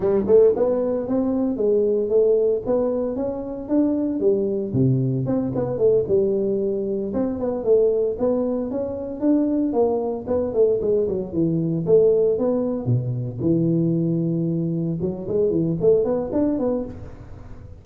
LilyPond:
\new Staff \with { instrumentName = "tuba" } { \time 4/4 \tempo 4 = 114 g8 a8 b4 c'4 gis4 | a4 b4 cis'4 d'4 | g4 c4 c'8 b8 a8 g8~ | g4. c'8 b8 a4 b8~ |
b8 cis'4 d'4 ais4 b8 | a8 gis8 fis8 e4 a4 b8~ | b8 b,4 e2~ e8~ | e8 fis8 gis8 e8 a8 b8 d'8 b8 | }